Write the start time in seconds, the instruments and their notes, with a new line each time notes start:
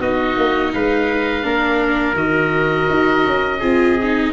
0.00 tuba B3, viola D#4, trumpet F#4, oboe D#5
0.37 tuba A#3
0.73 tuba G#3, trumpet B4, oboe F5
1.43 tuba A#3, viola D4, trumpet A#4
2.14 tuba D#3, viola F#4, oboe D#5
2.89 tuba D#4
3.26 tuba C#4
3.59 tuba C4, viola F4, trumpet G#4
4.03 viola D#4